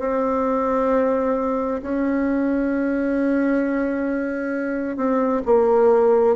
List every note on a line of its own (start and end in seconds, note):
0.00 1.82 C4
1.83 4.97 C#4
4.97 5.43 C4
5.46 6.36 A#3